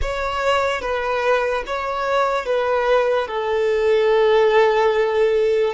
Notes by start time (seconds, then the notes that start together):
0.01 C#5
0.81 B4
1.66 C#5
2.45 B4
3.27 A4